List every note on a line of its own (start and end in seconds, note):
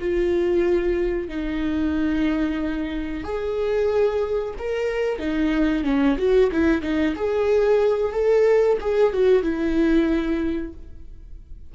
0.00 1.28 F4
1.28 3.24 D#4
3.24 4.54 G#4
4.59 5.19 A#4
5.19 5.84 D#4
5.84 6.17 C#4
6.18 6.51 F#4
6.52 6.82 E4
6.82 7.15 D#4
7.16 8.13 G#4
8.13 8.78 A4
8.81 9.13 G#4
9.13 9.43 F#4
9.43 10.73 E4